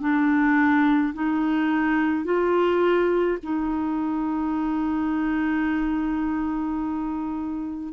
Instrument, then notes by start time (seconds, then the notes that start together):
clarinet
0.00 D4
1.13 D#4
2.24 F4
3.43 D#4